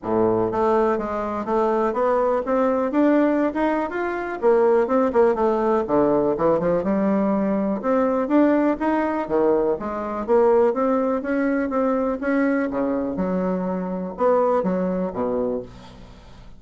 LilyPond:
\new Staff \with { instrumentName = "bassoon" } { \time 4/4 \tempo 4 = 123 a,4 a4 gis4 a4 | b4 c'4 d'4~ d'16 dis'8. | f'4 ais4 c'8 ais8 a4 | d4 e8 f8 g2 |
c'4 d'4 dis'4 dis4 | gis4 ais4 c'4 cis'4 | c'4 cis'4 cis4 fis4~ | fis4 b4 fis4 b,4 | }